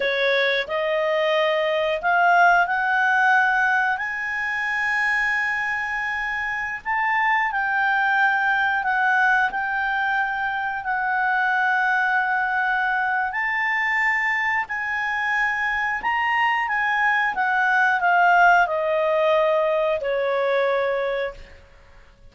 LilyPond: \new Staff \with { instrumentName = "clarinet" } { \time 4/4 \tempo 4 = 90 cis''4 dis''2 f''4 | fis''2 gis''2~ | gis''2~ gis''16 a''4 g''8.~ | g''4~ g''16 fis''4 g''4.~ g''16~ |
g''16 fis''2.~ fis''8. | a''2 gis''2 | ais''4 gis''4 fis''4 f''4 | dis''2 cis''2 | }